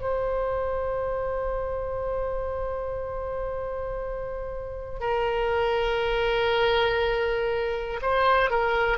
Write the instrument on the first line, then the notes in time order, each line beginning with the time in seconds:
oboe
0.00 C5
5.00 A#4
8.01 C5
8.50 A#4